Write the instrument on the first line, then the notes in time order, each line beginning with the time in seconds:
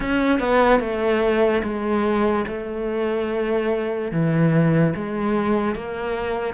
cello
0.00 C#4
0.39 B3
0.80 A3
1.63 G#3
2.47 A3
4.11 E3
4.95 G#3
5.75 A#3